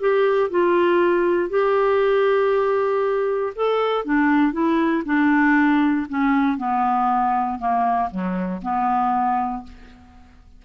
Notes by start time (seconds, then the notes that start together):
0.00 G4
0.50 F4
1.50 G4
3.56 A4
4.05 D4
4.53 E4
5.05 D4
6.09 C#4
6.58 B3
7.59 A#3
8.11 F#3
8.62 B3